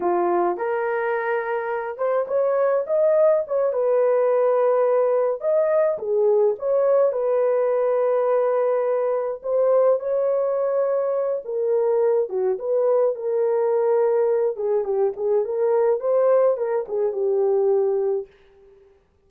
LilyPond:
\new Staff \with { instrumentName = "horn" } { \time 4/4 \tempo 4 = 105 f'4 ais'2~ ais'8 c''8 | cis''4 dis''4 cis''8 b'4.~ | b'4. dis''4 gis'4 cis''8~ | cis''8 b'2.~ b'8~ |
b'8 c''4 cis''2~ cis''8 | ais'4. fis'8 b'4 ais'4~ | ais'4. gis'8 g'8 gis'8 ais'4 | c''4 ais'8 gis'8 g'2 | }